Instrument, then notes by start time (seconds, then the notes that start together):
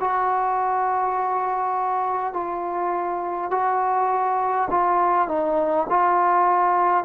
trombone
0.00 F#4
2.33 F4
3.51 F#4
4.70 F4
5.28 D#4
5.90 F4